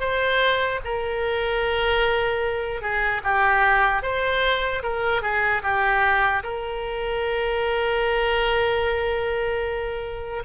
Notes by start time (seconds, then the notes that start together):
0.00 C5
0.84 A#4
2.81 G#4
3.24 G4
4.02 C5
4.83 A#4
5.22 G#4
5.63 G4
6.43 A#4